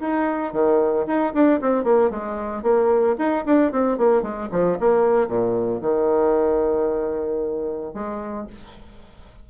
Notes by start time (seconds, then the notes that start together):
0.00 D#4
0.52 D#3
1.06 D#4
1.34 D4
1.61 C4
1.83 A#3
2.10 G#3
2.62 A#3
3.18 D#4
3.45 D4
3.72 C4
3.98 A#3
4.22 G#3
4.51 F3
4.80 A#3
5.28 A#2
5.81 D#3
7.94 G#3